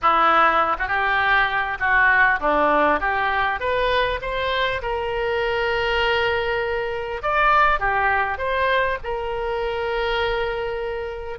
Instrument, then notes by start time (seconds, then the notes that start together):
oboe
0.01 E4
0.78 F#4
0.88 G4
1.79 F#4
2.39 D4
3.00 G4
3.60 B4
4.21 C5
4.82 A#4
7.22 D5
7.79 G4
8.38 C5
9.03 A#4